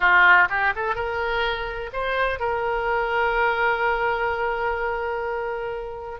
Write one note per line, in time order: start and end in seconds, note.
0.00 0.48 F4
0.49 0.73 G4
0.75 0.95 A4
0.95 1.90 A#4
1.92 2.39 C5
2.39 6.19 A#4